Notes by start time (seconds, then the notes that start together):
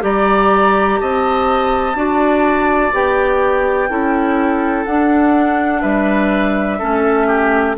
0.00 G3 G4 D5 A#5
1.01 C4 D#5 A5
1.95 D4 F#4 D5
2.93 B3 G4 G5
3.89 C#4 E4 A4
4.86 D4 F#5
5.82 G3 B4 E5
6.79 A3 C#4 A4
7.27 G4